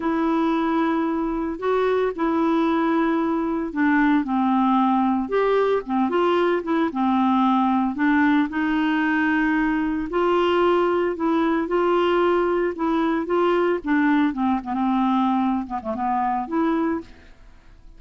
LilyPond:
\new Staff \with { instrumentName = "clarinet" } { \time 4/4 \tempo 4 = 113 e'2. fis'4 | e'2. d'4 | c'2 g'4 c'8 f'8~ | f'8 e'8 c'2 d'4 |
dis'2. f'4~ | f'4 e'4 f'2 | e'4 f'4 d'4 c'8 b16 c'16~ | c'4. b16 a16 b4 e'4 | }